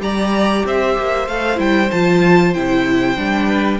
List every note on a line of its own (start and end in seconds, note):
0.00 0.63 G3
0.00 1.26 G4
0.00 0.66 D5
0.00 0.65 A#5
0.65 0.96 C4
0.65 3.46 C5
0.65 1.27 E5
0.98 1.27 A#3
1.27 1.58 A3
1.27 1.55 A4
1.27 1.59 F5
1.55 1.90 G3
1.55 1.87 E4
1.55 1.91 G5
1.91 2.55 F3
1.91 2.54 F4
1.91 2.54 A5
2.54 3.17 C3
2.54 3.16 E4
2.54 3.79 G5
3.16 3.79 G3
3.16 3.79 D4
3.46 3.78 B4